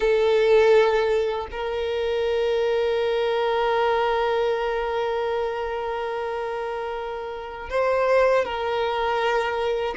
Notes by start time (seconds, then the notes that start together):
0.00 A4
1.51 A#4
7.69 C5
8.44 A#4